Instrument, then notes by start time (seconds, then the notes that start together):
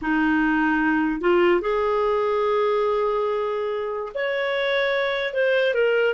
clarinet
0.01 D#4
1.20 F4
1.61 G#4
4.14 C#5
5.33 C5
5.73 A#4